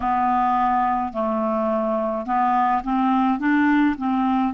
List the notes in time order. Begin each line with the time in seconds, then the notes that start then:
0.00 B3
1.13 A3
2.25 B3
2.83 C4
3.39 D4
3.97 C4